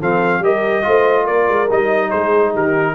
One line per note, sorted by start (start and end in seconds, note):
0.00 0.39 F3
0.00 0.43 C4
0.00 0.42 A4
0.00 0.44 F5
0.39 0.82 G3
0.39 0.83 G4
0.39 0.87 A#4
0.39 1.27 D#5
0.83 1.29 A3
0.83 1.67 F4
0.83 1.25 C5
1.25 1.48 A#3
1.25 2.09 A#4
1.25 1.69 D5
1.48 1.69 G#3
1.70 2.13 G3
1.70 2.95 D#4
1.70 2.10 D#5
2.10 2.56 G#3
2.10 2.52 G#4
2.10 2.53 C5
2.53 2.95 D#3
2.53 2.95 G4
2.53 2.95 A#4